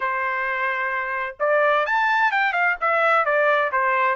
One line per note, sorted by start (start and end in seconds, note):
0.00 1.36 C5
1.39 1.85 D5
1.86 2.31 A5
2.31 2.52 G5
2.52 2.75 F5
2.80 3.25 E5
3.25 3.71 D5
3.72 4.15 C5